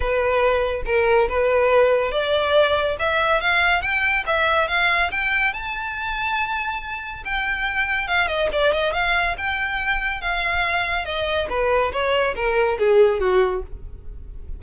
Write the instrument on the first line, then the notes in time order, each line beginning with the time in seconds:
violin
0.00 B4
0.85 A#4
1.29 B4
2.11 D5
2.99 E5
3.40 F5
3.81 G5
4.26 E5
4.68 F5
5.11 G5
5.53 A5
7.25 G5
8.07 F5
8.27 D#5
8.52 D5
8.72 D#5
8.93 F5
9.37 G5
10.21 F5
11.05 D#5
11.49 B4
11.92 C#5
12.35 A#4
12.78 G#4
13.20 F#4